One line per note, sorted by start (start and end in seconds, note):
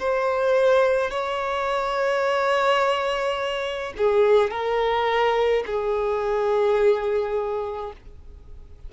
0.00 1.11 C5
1.11 3.94 C#5
3.98 4.51 G#4
4.51 5.64 A#4
5.67 7.93 G#4